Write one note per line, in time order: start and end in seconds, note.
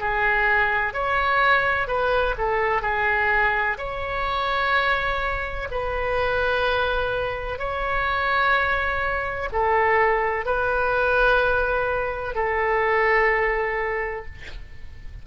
0.00 0.94 G#4
0.94 1.88 C#5
1.88 2.35 B4
2.38 2.82 A4
2.82 3.77 G#4
3.78 5.68 C#5
5.71 7.59 B4
7.59 9.49 C#5
9.52 10.45 A4
10.45 12.35 B4
12.35 14.26 A4